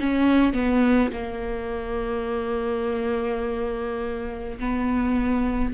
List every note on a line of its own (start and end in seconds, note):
0.00 0.53 C#4
0.53 1.11 B3
1.13 4.59 A#3
4.59 5.74 B3